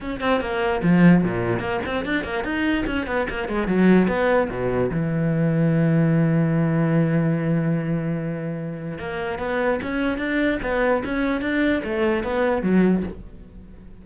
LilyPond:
\new Staff \with { instrumentName = "cello" } { \time 4/4 \tempo 4 = 147 cis'8 c'8 ais4 f4 ais,4 | ais8 c'8 d'8 ais8 dis'4 cis'8 b8 | ais8 gis8 fis4 b4 b,4 | e1~ |
e1~ | e2 ais4 b4 | cis'4 d'4 b4 cis'4 | d'4 a4 b4 fis4 | }